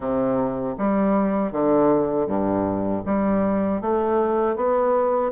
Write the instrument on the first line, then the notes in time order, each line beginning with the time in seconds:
bassoon
0.00 C3
0.78 G3
1.52 D3
2.26 G2
3.05 G3
3.81 A3
4.56 B3